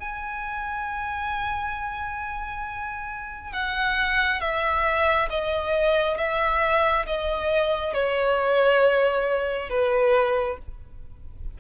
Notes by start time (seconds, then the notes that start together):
0.00 G#5
3.53 F#5
4.41 E5
5.30 D#5
6.17 E5
7.06 D#5
7.94 C#5
9.69 B4